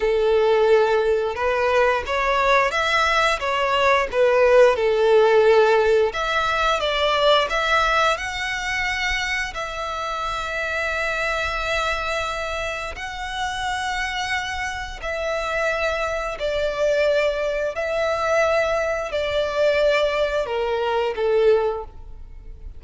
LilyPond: \new Staff \with { instrumentName = "violin" } { \time 4/4 \tempo 4 = 88 a'2 b'4 cis''4 | e''4 cis''4 b'4 a'4~ | a'4 e''4 d''4 e''4 | fis''2 e''2~ |
e''2. fis''4~ | fis''2 e''2 | d''2 e''2 | d''2 ais'4 a'4 | }